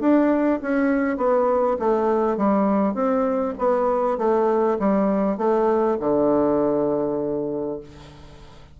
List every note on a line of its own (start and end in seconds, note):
0.00 0.60 D4
0.62 1.17 C#4
1.17 1.77 B3
1.79 2.37 A3
2.37 2.95 G3
2.95 3.55 C4
3.58 4.18 B3
4.18 4.78 A3
4.79 5.38 G3
5.38 5.98 A3
6.00 7.80 D3